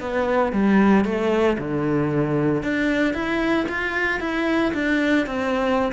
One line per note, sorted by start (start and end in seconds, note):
0.00 0.52 B3
0.52 1.04 G3
1.04 1.57 A3
1.58 2.62 D3
2.62 3.13 D4
3.13 3.66 E4
3.68 4.20 F4
4.20 4.72 E4
4.73 5.26 D4
5.26 5.92 C4